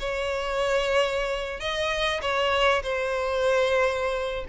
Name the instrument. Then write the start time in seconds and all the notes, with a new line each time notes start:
violin
0.00 C#5
1.60 D#5
2.22 C#5
2.83 C5